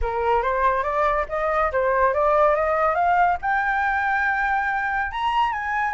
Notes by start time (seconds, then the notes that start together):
0.01 A#4
0.42 C5
0.83 D5
1.29 D#5
1.71 C5
2.13 D5
2.55 D#5
2.95 F5
3.41 G5
5.11 A#5
5.52 G#5